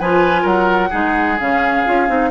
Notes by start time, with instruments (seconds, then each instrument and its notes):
0.00 bassoon F3, clarinet F4, oboe B4, flute G#5
0.42 bassoon F#3, oboe A#4, flute F#5
0.90 bassoon G#3, clarinet D#4, oboe G#4
1.39 bassoon C#3, clarinet C#4, flute F5
1.86 bassoon C#4, clarinet F4
2.08 bassoon C4, clarinet D#4